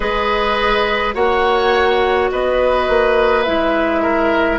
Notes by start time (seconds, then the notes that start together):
0.00 G#3 G#4 B4 D#5
1.13 A#3 F#4 C#5 F#5
2.31 B3 B4 D#5
2.88 A#3
3.43 G#3 E4 E5
4.02 A#4